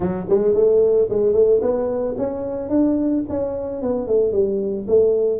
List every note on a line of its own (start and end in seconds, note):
0.00 0.26 F#3
0.29 0.54 G#3
0.54 1.08 A3
1.09 1.33 G#3
1.33 1.60 A3
1.61 2.15 B3
2.17 2.69 C#4
2.69 3.23 D4
3.29 3.82 C#4
3.82 4.07 B3
4.07 4.32 A3
4.32 4.86 G3
4.87 5.40 A3